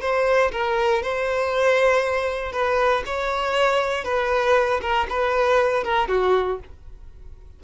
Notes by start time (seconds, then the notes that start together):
0.00 C5
0.51 A#4
1.02 C5
2.52 B4
3.06 C#5
4.04 B4
4.81 A#4
5.09 B4
5.84 A#4
6.08 F#4